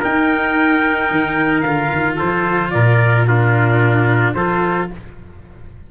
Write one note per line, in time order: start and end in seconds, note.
0.00 1.64 D#4
0.00 1.11 D#4
0.00 2.16 A#4
0.00 1.61 G5
1.11 1.64 D#3
1.61 1.91 D3
1.61 3.27 F4
1.61 2.15 F5
1.92 2.19 D#3
2.16 2.74 F3
2.16 2.70 A4
2.16 2.71 C5
2.71 4.35 A#2
2.71 3.28 A#4
2.71 3.25 D5
3.27 4.35 D4
3.27 4.36 F4
3.27 4.34 A#4
4.34 4.89 F3
4.34 4.91 F4
4.34 4.90 A4
4.34 4.88 C5